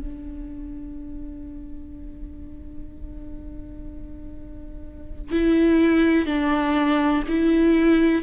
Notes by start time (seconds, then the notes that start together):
0.00 D4
5.32 E4
6.27 D4
7.28 E4